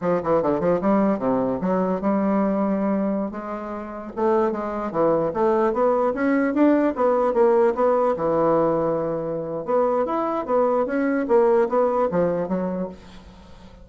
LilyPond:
\new Staff \with { instrumentName = "bassoon" } { \time 4/4 \tempo 4 = 149 f8 e8 d8 f8 g4 c4 | fis4 g2.~ | g16 gis2 a4 gis8.~ | gis16 e4 a4 b4 cis'8.~ |
cis'16 d'4 b4 ais4 b8.~ | b16 e2.~ e8. | b4 e'4 b4 cis'4 | ais4 b4 f4 fis4 | }